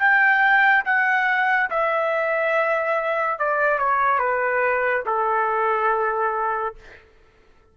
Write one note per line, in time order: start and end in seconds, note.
0.00 0.85 G5
0.86 1.70 F#5
1.71 3.40 E5
3.40 3.79 D5
3.79 4.19 C#5
4.19 5.04 B4
5.06 6.75 A4